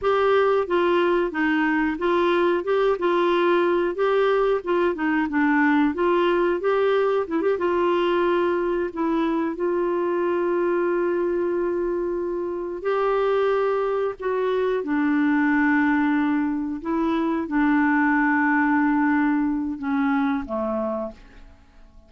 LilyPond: \new Staff \with { instrumentName = "clarinet" } { \time 4/4 \tempo 4 = 91 g'4 f'4 dis'4 f'4 | g'8 f'4. g'4 f'8 dis'8 | d'4 f'4 g'4 e'16 g'16 f'8~ | f'4. e'4 f'4.~ |
f'2.~ f'8 g'8~ | g'4. fis'4 d'4.~ | d'4. e'4 d'4.~ | d'2 cis'4 a4 | }